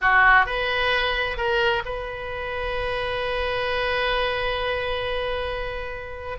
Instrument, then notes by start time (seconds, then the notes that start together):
oboe
0.01 F#4
0.46 B4
1.37 A#4
1.85 B4